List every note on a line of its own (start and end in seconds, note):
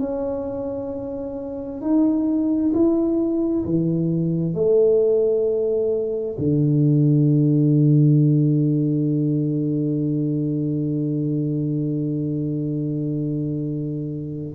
0.00 1.82 C#4
1.82 2.73 D#4
2.74 3.65 E4
3.65 4.55 E3
4.55 6.36 A3
6.38 14.55 D3